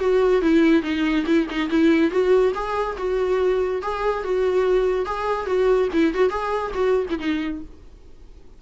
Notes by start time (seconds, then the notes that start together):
0.00 F#4
0.42 E4
0.83 D#4
1.26 E4
1.50 D#4
1.70 E4
2.11 F#4
2.55 G#4
2.98 F#4
3.82 G#4
4.24 F#4
5.06 G#4
5.47 F#4
5.93 E4
6.14 F#4
6.30 G#4
6.75 F#4
7.10 E4
7.19 D#4